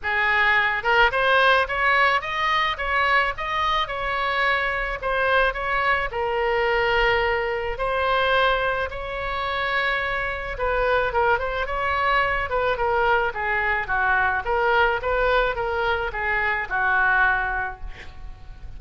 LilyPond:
\new Staff \with { instrumentName = "oboe" } { \time 4/4 \tempo 4 = 108 gis'4. ais'8 c''4 cis''4 | dis''4 cis''4 dis''4 cis''4~ | cis''4 c''4 cis''4 ais'4~ | ais'2 c''2 |
cis''2. b'4 | ais'8 c''8 cis''4. b'8 ais'4 | gis'4 fis'4 ais'4 b'4 | ais'4 gis'4 fis'2 | }